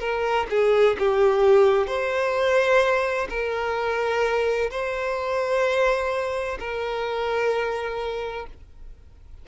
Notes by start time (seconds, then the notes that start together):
0.00 A#4
0.50 G#4
0.99 G4
1.87 C5
3.29 A#4
4.70 C5
6.59 A#4